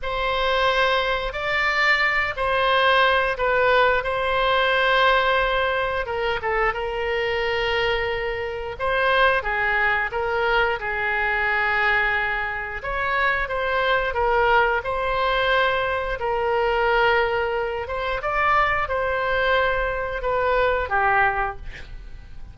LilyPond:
\new Staff \with { instrumentName = "oboe" } { \time 4/4 \tempo 4 = 89 c''2 d''4. c''8~ | c''4 b'4 c''2~ | c''4 ais'8 a'8 ais'2~ | ais'4 c''4 gis'4 ais'4 |
gis'2. cis''4 | c''4 ais'4 c''2 | ais'2~ ais'8 c''8 d''4 | c''2 b'4 g'4 | }